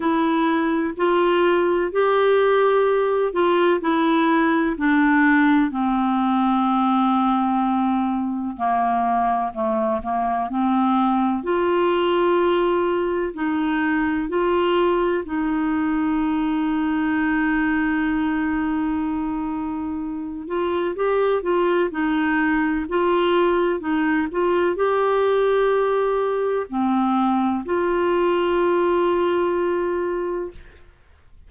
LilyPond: \new Staff \with { instrumentName = "clarinet" } { \time 4/4 \tempo 4 = 63 e'4 f'4 g'4. f'8 | e'4 d'4 c'2~ | c'4 ais4 a8 ais8 c'4 | f'2 dis'4 f'4 |
dis'1~ | dis'4. f'8 g'8 f'8 dis'4 | f'4 dis'8 f'8 g'2 | c'4 f'2. | }